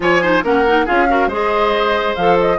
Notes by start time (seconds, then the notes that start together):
0.00 F3 F4 C#5 G#5
0.21 D#4 C5
0.43 A#3 C#4 A#4 F#5
0.67 D#4
0.85 C#4 F4 G#4 F5
1.08 F#4 A#4
1.27 G#3 G#4 C5 D#5
2.15 F3 A4 F5
2.40 D#5